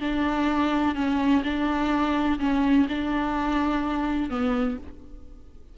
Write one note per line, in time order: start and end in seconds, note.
0.00 0.95 D4
0.95 1.42 C#4
1.44 2.39 D4
2.39 2.87 C#4
2.88 4.29 D4
4.29 4.77 B3